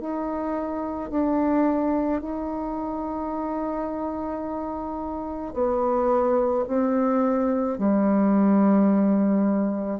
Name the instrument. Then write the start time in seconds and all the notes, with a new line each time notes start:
bassoon
0.00 D#4
1.11 D4
2.21 D#4
5.54 B3
6.68 C4
7.78 G3